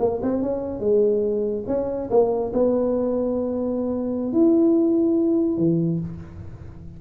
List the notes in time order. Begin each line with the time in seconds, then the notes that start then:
0.00 A#3
0.23 C4
0.42 C#4
0.80 G#3
1.68 C#4
2.10 A#3
2.53 B3
4.33 E4
5.58 E3